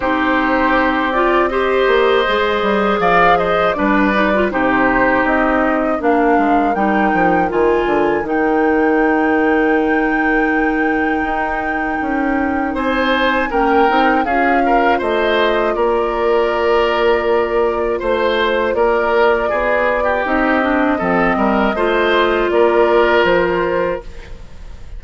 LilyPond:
<<
  \new Staff \with { instrumentName = "flute" } { \time 4/4 \tempo 4 = 80 c''4. d''8 dis''2 | f''8 dis''8 d''4 c''4 dis''4 | f''4 g''4 gis''4 g''4~ | g''1~ |
g''4 gis''4 g''4 f''4 | dis''4 d''2. | c''4 d''2 dis''4~ | dis''2 d''4 c''4 | }
  \new Staff \with { instrumentName = "oboe" } { \time 4/4 g'2 c''2 | d''8 c''8 b'4 g'2 | ais'1~ | ais'1~ |
ais'4 c''4 ais'4 gis'8 ais'8 | c''4 ais'2. | c''4 ais'4 gis'8. g'4~ g'16 | a'8 ais'8 c''4 ais'2 | }
  \new Staff \with { instrumentName = "clarinet" } { \time 4/4 dis'4. f'8 g'4 gis'4~ | gis'4 d'8 dis'16 f'16 dis'2 | d'4 dis'4 f'4 dis'4~ | dis'1~ |
dis'2 cis'8 dis'8 f'4~ | f'1~ | f'2. dis'8 d'8 | c'4 f'2. | }
  \new Staff \with { instrumentName = "bassoon" } { \time 4/4 c'2~ c'8 ais8 gis8 g8 | f4 g4 c4 c'4 | ais8 gis8 g8 f8 dis8 d8 dis4~ | dis2. dis'4 |
cis'4 c'4 ais8 c'8 cis'4 | a4 ais2. | a4 ais4 b4 c'4 | f8 g8 a4 ais4 f4 | }
>>